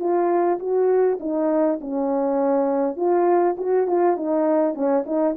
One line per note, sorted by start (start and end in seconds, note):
0.00 0.59 F4
0.60 1.19 F#4
1.20 1.80 D#4
1.81 2.97 C#4
2.97 3.56 F4
3.58 3.87 F#4
3.87 4.17 F4
4.17 4.75 D#4
4.75 5.05 C#4
5.06 5.36 D#4